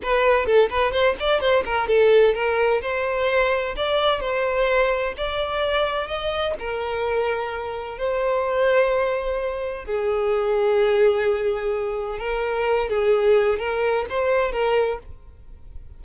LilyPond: \new Staff \with { instrumentName = "violin" } { \time 4/4 \tempo 4 = 128 b'4 a'8 b'8 c''8 d''8 c''8 ais'8 | a'4 ais'4 c''2 | d''4 c''2 d''4~ | d''4 dis''4 ais'2~ |
ais'4 c''2.~ | c''4 gis'2.~ | gis'2 ais'4. gis'8~ | gis'4 ais'4 c''4 ais'4 | }